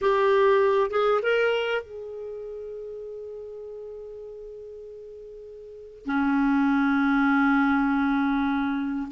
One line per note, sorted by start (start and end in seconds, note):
0.01 0.90 G4
0.90 1.20 G#4
1.22 1.82 A#4
1.82 6.05 G#4
6.05 9.08 C#4